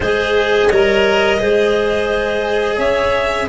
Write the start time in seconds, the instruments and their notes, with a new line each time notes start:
0.00 tuba G#3, cello G#4, clarinet C5, violin D#5
0.69 tuba G3, cello A#4, clarinet C#5
1.39 tuba G#3, cello G#4, clarinet C5
2.77 tuba C#4, clarinet C#5, violin E5